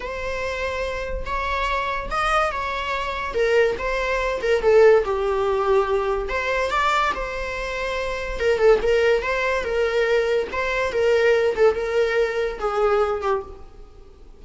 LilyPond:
\new Staff \with { instrumentName = "viola" } { \time 4/4 \tempo 4 = 143 c''2. cis''4~ | cis''4 dis''4 cis''2 | ais'4 c''4. ais'8 a'4 | g'2. c''4 |
d''4 c''2. | ais'8 a'8 ais'4 c''4 ais'4~ | ais'4 c''4 ais'4. a'8 | ais'2 gis'4. g'8 | }